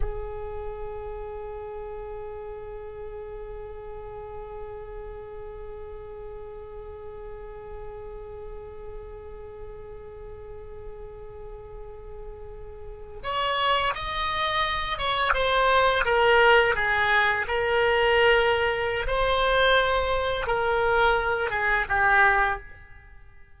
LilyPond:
\new Staff \with { instrumentName = "oboe" } { \time 4/4 \tempo 4 = 85 gis'1~ | gis'1~ | gis'1~ | gis'1~ |
gis'2~ gis'8. cis''4 dis''16~ | dis''4~ dis''16 cis''8 c''4 ais'4 gis'16~ | gis'8. ais'2~ ais'16 c''4~ | c''4 ais'4. gis'8 g'4 | }